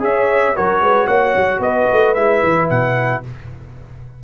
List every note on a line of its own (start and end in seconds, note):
0.00 0.54 C#4
0.00 0.54 G#4
0.00 0.55 C#5
0.00 0.56 E5
0.55 0.80 F#3
0.55 2.16 F#4
0.55 0.81 A#4
0.55 1.07 C#5
0.80 1.07 G#3
0.80 1.07 B4
1.07 1.34 A#3
1.07 1.61 C#5
1.07 1.60 F#5
1.36 1.59 F#3
1.59 1.86 B3
1.59 3.24 B4
1.59 2.14 D#5
1.92 2.15 A3
2.14 2.42 G#3
2.14 3.23 E4
2.14 2.68 E5
2.43 2.70 E3
2.70 3.24 B2
2.70 3.24 F#5